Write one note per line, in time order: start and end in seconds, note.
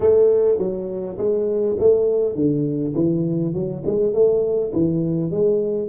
0.00 0.58 A3
0.58 1.17 F#3
1.18 1.76 G#3
1.79 2.35 A3
2.35 2.94 D3
2.94 3.53 E3
3.53 3.82 F#3
3.86 4.13 G#3
4.13 4.72 A3
4.72 5.30 E3
5.30 5.88 G#3